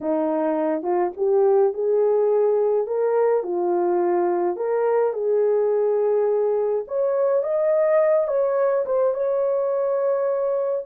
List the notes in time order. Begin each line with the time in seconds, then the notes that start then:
0.01 D#4
0.82 F4
1.16 G4
1.73 G#4
2.86 A#4
3.43 F4
4.56 A#4
5.13 G#4
6.87 C#5
7.43 D#5
8.27 C#5
8.85 C5
9.14 C#5